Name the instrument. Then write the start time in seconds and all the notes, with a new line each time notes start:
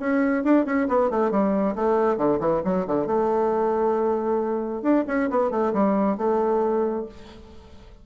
bassoon
0.00 C#4
0.44 D4
0.65 C#4
0.88 B3
1.10 A3
1.31 G3
1.75 A3
2.18 D3
2.40 E3
2.65 F#3
2.87 D3
3.07 A3
4.82 D4
5.08 C#4
5.30 B3
5.51 A3
5.74 G3
6.18 A3